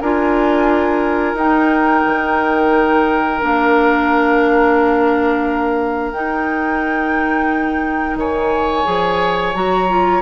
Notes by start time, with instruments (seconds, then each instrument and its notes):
0.00 bassoon D4, clarinet F4, oboe A#4, flute G#5
1.34 bassoon D#4, clarinet D#4, flute G5
2.06 bassoon D#3
3.40 bassoon A#3, clarinet D4, flute F5
6.13 bassoon D#4, clarinet D#4, flute G5
8.16 bassoon D#3, oboe C#5, flute G#5
8.84 bassoon F3, clarinet G#4
9.55 bassoon F#3, clarinet F#4, flute A#5
9.89 clarinet F4